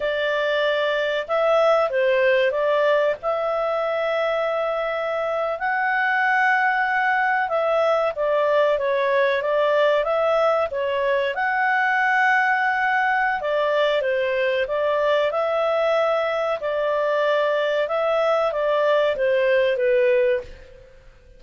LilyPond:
\new Staff \with { instrumentName = "clarinet" } { \time 4/4 \tempo 4 = 94 d''2 e''4 c''4 | d''4 e''2.~ | e''8. fis''2. e''16~ | e''8. d''4 cis''4 d''4 e''16~ |
e''8. cis''4 fis''2~ fis''16~ | fis''4 d''4 c''4 d''4 | e''2 d''2 | e''4 d''4 c''4 b'4 | }